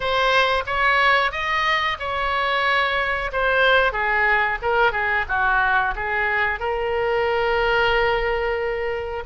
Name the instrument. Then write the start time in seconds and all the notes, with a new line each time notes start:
oboe
0.00 C5
0.66 C#5
1.31 D#5
1.99 C#5
3.32 C5
3.92 G#4
4.62 A#4
4.92 G#4
5.28 F#4
5.95 G#4
6.59 A#4